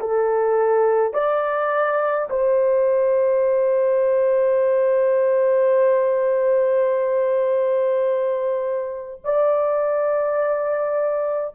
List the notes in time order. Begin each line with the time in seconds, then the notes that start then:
0.00 A4
1.14 D5
2.30 C5
9.25 D5